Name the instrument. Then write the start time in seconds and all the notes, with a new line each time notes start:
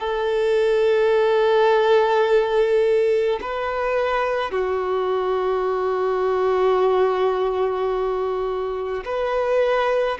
violin
0.00 A4
3.41 B4
4.51 F#4
9.05 B4